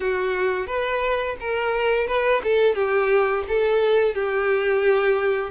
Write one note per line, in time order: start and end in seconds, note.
0.00 0.66 F#4
0.66 1.35 B4
1.39 2.07 A#4
2.07 2.41 B4
2.43 2.74 A4
2.74 3.43 G4
3.48 4.14 A4
4.14 5.50 G4